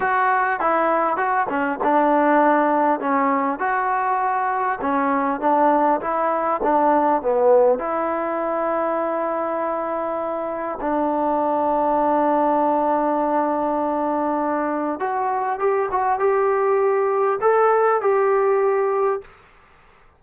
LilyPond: \new Staff \with { instrumentName = "trombone" } { \time 4/4 \tempo 4 = 100 fis'4 e'4 fis'8 cis'8 d'4~ | d'4 cis'4 fis'2 | cis'4 d'4 e'4 d'4 | b4 e'2.~ |
e'2 d'2~ | d'1~ | d'4 fis'4 g'8 fis'8 g'4~ | g'4 a'4 g'2 | }